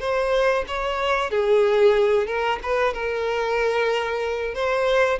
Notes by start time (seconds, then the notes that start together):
0.00 C5
0.68 C#5
1.30 G#4
2.27 A#4
2.63 B4
2.94 A#4
4.54 C5